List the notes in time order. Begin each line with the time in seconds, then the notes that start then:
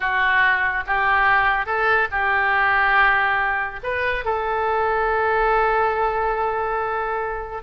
0.00 F#4
0.86 G4
1.66 A4
2.11 G4
3.83 B4
4.24 A4